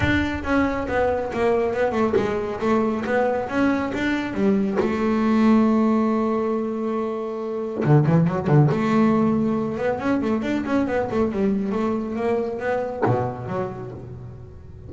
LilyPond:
\new Staff \with { instrumentName = "double bass" } { \time 4/4 \tempo 4 = 138 d'4 cis'4 b4 ais4 | b8 a8 gis4 a4 b4 | cis'4 d'4 g4 a4~ | a1~ |
a2 d8 e8 fis8 d8 | a2~ a8 b8 cis'8 a8 | d'8 cis'8 b8 a8 g4 a4 | ais4 b4 b,4 fis4 | }